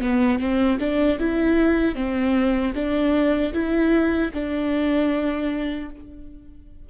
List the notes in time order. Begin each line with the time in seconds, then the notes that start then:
0.00 B3
0.39 C4
0.79 D4
1.19 E4
1.95 C4
2.74 D4
3.53 E4
4.34 D4